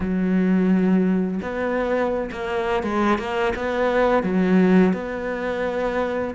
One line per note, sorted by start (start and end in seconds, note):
0.00 1.40 F#3
1.42 2.30 B3
2.31 2.83 A#3
2.83 3.18 G#3
3.18 3.53 A#3
3.55 4.23 B3
4.23 4.93 F#3
4.93 6.34 B3